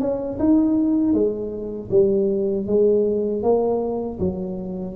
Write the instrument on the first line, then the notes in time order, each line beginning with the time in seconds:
tuba
0.00 C#4
0.39 D#4
1.13 G#3
1.91 G3
2.67 G#3
3.43 A#3
4.19 F#3